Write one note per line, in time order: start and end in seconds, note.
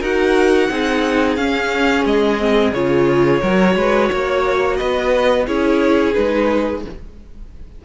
0.00 0.69 D#4
0.00 0.70 F#4
0.00 0.68 A#4
0.00 1.36 F#5
0.70 1.37 C4
0.70 1.38 D#4
0.70 3.41 G#4
1.36 2.05 C#4
1.36 2.39 C#4
1.36 2.04 F5
2.05 2.73 G#3
2.05 2.73 D#5
2.39 2.73 C4
2.73 3.41 C#3
2.73 3.41 F4
2.73 4.77 C#5
3.41 3.75 F#3
3.41 5.46 F#4
3.41 3.75 A#4
3.75 4.09 G#3
3.75 4.09 B4
4.09 4.80 A#3
4.09 4.77 C#5
4.77 5.47 B3
4.77 5.46 B4
4.77 5.45 D#5
5.47 6.16 C#4
5.47 6.14 E4
5.47 6.84 G#4
5.47 6.13 C#5
6.13 6.85 G#3
6.13 6.82 D#4
6.13 6.81 B4